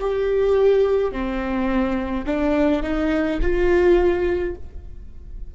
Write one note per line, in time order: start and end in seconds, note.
0.00 1.12 G4
1.12 2.25 C4
2.26 2.83 D4
2.83 3.40 D#4
3.42 4.55 F4